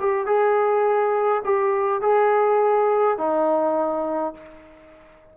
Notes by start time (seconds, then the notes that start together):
0.00 G4
0.26 G#4
1.45 G4
2.02 G#4
3.18 D#4